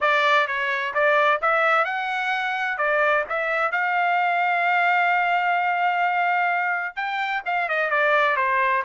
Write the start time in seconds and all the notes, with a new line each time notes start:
0.01 D5
0.47 C#5
0.94 D5
1.41 E5
1.85 F#5
2.77 D5
3.29 E5
3.71 F5
6.96 G5
7.45 F5
7.68 D#5
7.90 D5
8.36 C5